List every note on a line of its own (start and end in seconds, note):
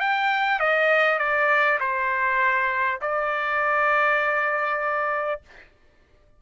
0.00 0.59 G5
0.59 1.19 D#5
1.19 1.79 D5
1.80 3.00 C5
3.01 5.41 D5